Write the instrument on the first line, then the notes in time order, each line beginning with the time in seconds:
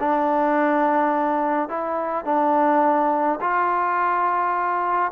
trombone
0.00 D4
1.69 E4
2.25 D4
3.41 F4